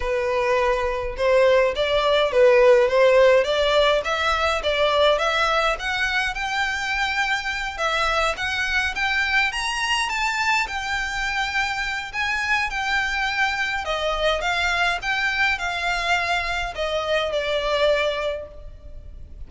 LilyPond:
\new Staff \with { instrumentName = "violin" } { \time 4/4 \tempo 4 = 104 b'2 c''4 d''4 | b'4 c''4 d''4 e''4 | d''4 e''4 fis''4 g''4~ | g''4. e''4 fis''4 g''8~ |
g''8 ais''4 a''4 g''4.~ | g''4 gis''4 g''2 | dis''4 f''4 g''4 f''4~ | f''4 dis''4 d''2 | }